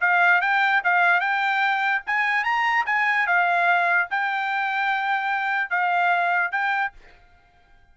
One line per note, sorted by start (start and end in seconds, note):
0.00 0.41 F5
0.41 0.82 G5
0.84 1.20 F5
1.20 2.02 G5
2.06 2.44 G#5
2.44 2.85 A#5
2.86 3.27 G#5
3.27 4.08 F5
4.10 5.70 G5
5.70 6.51 F5
6.51 6.92 G5